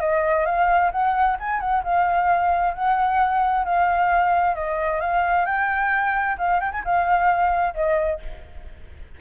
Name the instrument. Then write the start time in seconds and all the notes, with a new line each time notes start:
flute
0.00 D#5
0.45 F5
0.91 F#5
1.39 G#5
1.60 F#5
1.83 F5
2.74 F#5
3.64 F5
4.55 D#5
5.00 F5
5.45 G5
6.38 F5
6.60 G5
6.72 G#5
6.84 F5
7.74 D#5